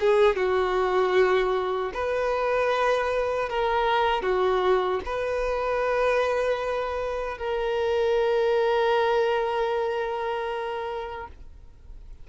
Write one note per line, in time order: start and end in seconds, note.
0.00 0.36 G#4
0.36 1.92 F#4
1.93 3.49 B4
3.49 4.22 A#4
4.22 5.00 F#4
5.05 7.38 B4
7.38 11.27 A#4